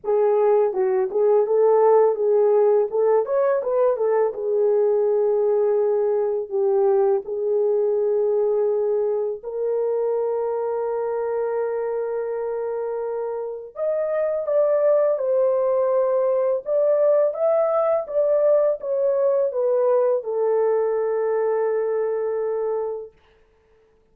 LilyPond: \new Staff \with { instrumentName = "horn" } { \time 4/4 \tempo 4 = 83 gis'4 fis'8 gis'8 a'4 gis'4 | a'8 cis''8 b'8 a'8 gis'2~ | gis'4 g'4 gis'2~ | gis'4 ais'2.~ |
ais'2. dis''4 | d''4 c''2 d''4 | e''4 d''4 cis''4 b'4 | a'1 | }